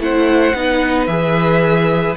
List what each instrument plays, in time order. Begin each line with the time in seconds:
0.00 cello A3, viola E4, violin C5 F#5
0.55 cello B3, viola D#4, violin B4
1.07 cello E3, viola G#4, violin E5